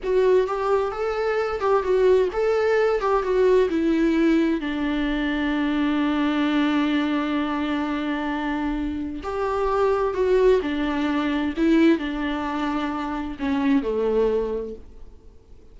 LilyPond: \new Staff \with { instrumentName = "viola" } { \time 4/4 \tempo 4 = 130 fis'4 g'4 a'4. g'8 | fis'4 a'4. g'8 fis'4 | e'2 d'2~ | d'1~ |
d'1 | g'2 fis'4 d'4~ | d'4 e'4 d'2~ | d'4 cis'4 a2 | }